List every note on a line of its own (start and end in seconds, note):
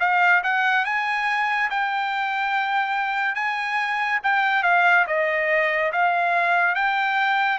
0.00 0.42 F5
0.43 0.85 F#5
0.85 1.70 G#5
1.70 3.35 G5
3.35 4.19 G#5
4.23 4.63 G5
4.63 5.06 F5
5.07 5.92 D#5
5.92 6.75 F5
6.75 7.59 G5